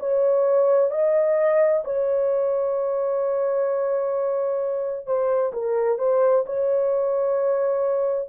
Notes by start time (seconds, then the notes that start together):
0.00 C#5
0.91 D#5
1.85 C#5
5.07 C5
5.53 A#4
5.99 C5
6.47 C#5